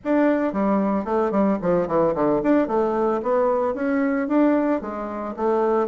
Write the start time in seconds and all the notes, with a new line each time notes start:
0.04 D4
0.52 G3
1.04 A3
1.31 G3
1.61 F3
1.87 E3
2.14 D3
2.43 D4
2.67 A3
3.22 B3
3.74 C#4
4.27 D4
4.81 G#3
5.36 A3